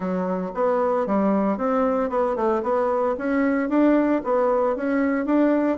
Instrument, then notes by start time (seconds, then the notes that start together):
bassoon
0.00 F#3
0.54 B3
1.06 G3
1.57 C4
2.09 B3
2.35 A3
2.62 B3
3.17 C#4
3.69 D4
4.23 B3
4.75 C#4
5.25 D4